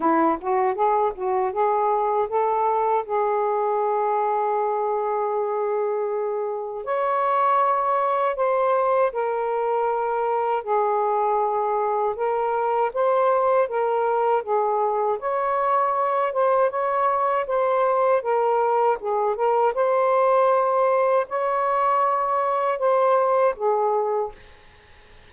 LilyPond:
\new Staff \with { instrumentName = "saxophone" } { \time 4/4 \tempo 4 = 79 e'8 fis'8 gis'8 fis'8 gis'4 a'4 | gis'1~ | gis'4 cis''2 c''4 | ais'2 gis'2 |
ais'4 c''4 ais'4 gis'4 | cis''4. c''8 cis''4 c''4 | ais'4 gis'8 ais'8 c''2 | cis''2 c''4 gis'4 | }